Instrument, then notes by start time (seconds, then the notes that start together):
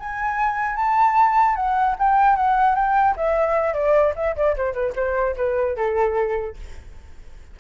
flute
0.00 G#5
0.76 A5
1.56 F#5
1.99 G5
2.36 F#5
2.76 G5
3.17 E5
3.74 D5
4.16 E5
4.36 D5
4.57 C5
4.74 B4
4.96 C5
5.37 B4
5.77 A4